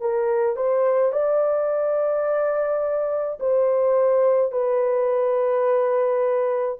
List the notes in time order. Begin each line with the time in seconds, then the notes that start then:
0.00 A#4
0.56 C5
1.12 D5
3.40 C5
4.52 B4